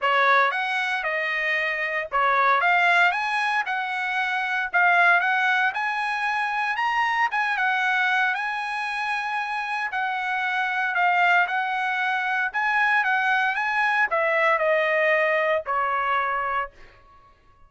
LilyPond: \new Staff \with { instrumentName = "trumpet" } { \time 4/4 \tempo 4 = 115 cis''4 fis''4 dis''2 | cis''4 f''4 gis''4 fis''4~ | fis''4 f''4 fis''4 gis''4~ | gis''4 ais''4 gis''8 fis''4. |
gis''2. fis''4~ | fis''4 f''4 fis''2 | gis''4 fis''4 gis''4 e''4 | dis''2 cis''2 | }